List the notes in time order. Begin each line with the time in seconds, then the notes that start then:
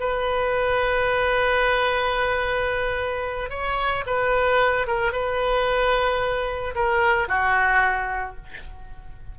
0.00 B4
3.50 C#5
4.06 B4
4.87 A#4
5.13 B4
6.75 A#4
7.28 F#4